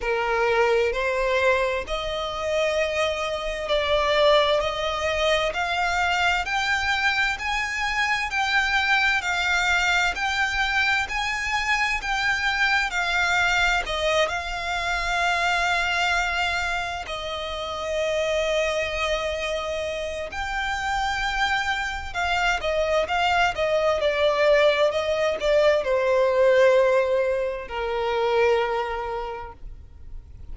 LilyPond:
\new Staff \with { instrumentName = "violin" } { \time 4/4 \tempo 4 = 65 ais'4 c''4 dis''2 | d''4 dis''4 f''4 g''4 | gis''4 g''4 f''4 g''4 | gis''4 g''4 f''4 dis''8 f''8~ |
f''2~ f''8 dis''4.~ | dis''2 g''2 | f''8 dis''8 f''8 dis''8 d''4 dis''8 d''8 | c''2 ais'2 | }